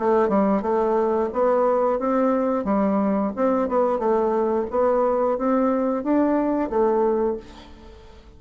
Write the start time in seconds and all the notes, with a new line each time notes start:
0.00 A3
0.29 G3
0.63 A3
1.33 B3
1.99 C4
2.65 G3
3.36 C4
3.69 B3
3.99 A3
4.71 B3
5.38 C4
6.04 D4
6.70 A3